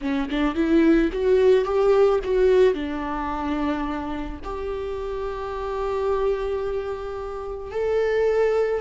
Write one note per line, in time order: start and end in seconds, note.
0.01 0.28 C#4
0.29 0.55 D4
0.55 1.10 E4
1.12 1.64 F#4
1.64 2.19 G4
2.24 2.73 F#4
2.73 4.39 D4
4.44 7.71 G4
7.71 8.80 A4